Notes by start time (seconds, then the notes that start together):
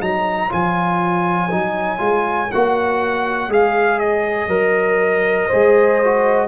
0.00 F#3 D#4 C#5 A#5
0.49 F3 F4 G#5
1.51 F#3 D#4
1.97 G#3 F4
2.51 A#3 F#4 F#5
3.48 G#3 G#4 F5
3.99 D#5
4.47 F#3 A#4
5.47 G#4 C5
5.53 G#3
6.04 F#4